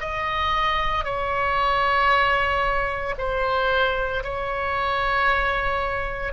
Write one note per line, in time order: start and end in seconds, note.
0.00 1.04 D#5
1.04 3.14 C#5
3.18 4.23 C5
4.23 6.32 C#5